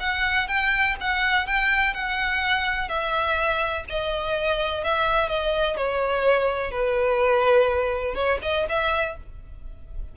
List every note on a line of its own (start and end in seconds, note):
0.00 0.48 F#5
0.48 0.96 G5
1.01 1.47 F#5
1.47 1.94 G5
1.94 2.89 F#5
2.89 3.85 E5
3.89 4.84 D#5
4.84 5.28 E5
5.28 5.76 D#5
5.77 6.71 C#5
6.71 8.15 B4
8.15 8.39 C#5
8.43 8.67 D#5
8.69 9.17 E5